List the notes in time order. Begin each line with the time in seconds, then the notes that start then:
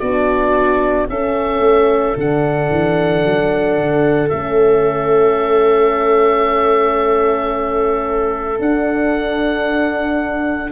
0.00 B3 D4 F#4 D5
1.09 C#4 A4 E5
1.59 A3
2.16 D3 D4 F#5
2.71 E3
3.25 F#3
3.76 D3
4.29 A3 C#4 E5
8.59 D4 F#5